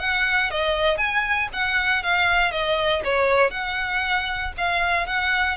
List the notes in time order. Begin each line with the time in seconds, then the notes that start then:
0.00 F#5
0.51 D#5
0.98 G#5
1.53 F#5
2.03 F5
2.52 D#5
3.05 C#5
3.51 F#5
4.58 F5
5.07 F#5